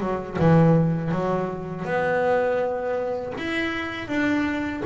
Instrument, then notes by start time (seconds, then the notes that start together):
double bass
0.00 F#3
0.39 E3
1.11 F#3
1.85 B3
3.38 E4
4.08 D4